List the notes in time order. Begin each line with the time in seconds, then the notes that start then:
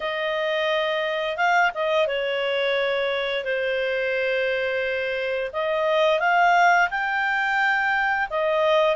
0.00 D#5
1.36 F5
1.74 D#5
2.07 C#5
3.44 C5
5.53 D#5
6.19 F5
6.90 G5
8.29 D#5